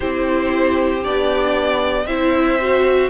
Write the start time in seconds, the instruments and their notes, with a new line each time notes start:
0.00 cello C4, viola E4, violin G4 C5
1.03 cello B3, viola D4, violin D5
2.05 cello C4, viola E4, violin C5 E5
2.61 viola F#4